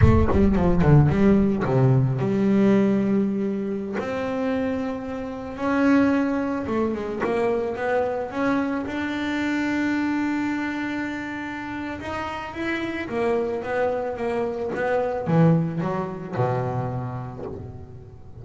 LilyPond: \new Staff \with { instrumentName = "double bass" } { \time 4/4 \tempo 4 = 110 a8 g8 f8 d8 g4 c4 | g2.~ g16 c'8.~ | c'2~ c'16 cis'4.~ cis'16~ | cis'16 a8 gis8 ais4 b4 cis'8.~ |
cis'16 d'2.~ d'8.~ | d'2 dis'4 e'4 | ais4 b4 ais4 b4 | e4 fis4 b,2 | }